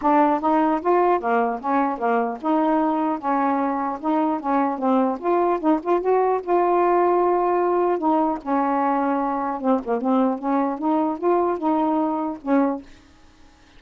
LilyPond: \new Staff \with { instrumentName = "saxophone" } { \time 4/4 \tempo 4 = 150 d'4 dis'4 f'4 ais4 | cis'4 ais4 dis'2 | cis'2 dis'4 cis'4 | c'4 f'4 dis'8 f'8 fis'4 |
f'1 | dis'4 cis'2. | c'8 ais8 c'4 cis'4 dis'4 | f'4 dis'2 cis'4 | }